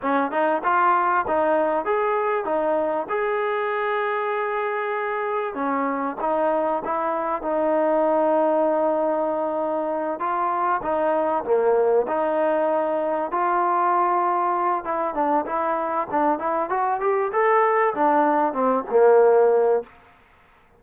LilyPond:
\new Staff \with { instrumentName = "trombone" } { \time 4/4 \tempo 4 = 97 cis'8 dis'8 f'4 dis'4 gis'4 | dis'4 gis'2.~ | gis'4 cis'4 dis'4 e'4 | dis'1~ |
dis'8 f'4 dis'4 ais4 dis'8~ | dis'4. f'2~ f'8 | e'8 d'8 e'4 d'8 e'8 fis'8 g'8 | a'4 d'4 c'8 ais4. | }